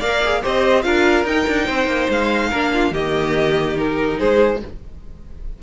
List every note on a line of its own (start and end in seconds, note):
0.00 0.43 A#3
0.00 0.24 A#4
0.00 0.42 D5
0.00 0.42 F5
0.24 0.43 G#4
0.43 0.86 C4
0.43 0.84 G4
0.43 0.85 C5
0.43 0.83 D#5
0.83 1.25 D4
0.83 1.25 F4
0.83 1.66 A#4
0.83 1.24 F5
1.25 1.46 D#4
1.25 2.53 D#4
1.25 2.10 G5
1.48 1.68 D4
1.66 1.87 C4
1.66 2.49 C5
1.87 2.08 A#3
2.10 2.51 G#3
2.10 2.94 F5
2.50 2.92 A#3
2.50 2.94 D4
2.50 2.71 A#4
2.74 2.93 F4
2.92 4.17 D#3
2.92 3.76 A#3
2.92 4.18 G4
2.92 3.77 D#5
3.76 4.60 D#4
3.76 4.19 A#4
4.19 4.63 G#3
4.19 4.60 G#4
4.19 4.61 C5